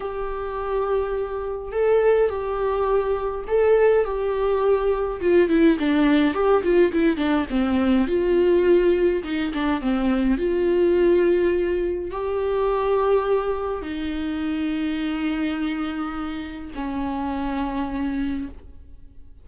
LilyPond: \new Staff \with { instrumentName = "viola" } { \time 4/4 \tempo 4 = 104 g'2. a'4 | g'2 a'4 g'4~ | g'4 f'8 e'8 d'4 g'8 f'8 | e'8 d'8 c'4 f'2 |
dis'8 d'8 c'4 f'2~ | f'4 g'2. | dis'1~ | dis'4 cis'2. | }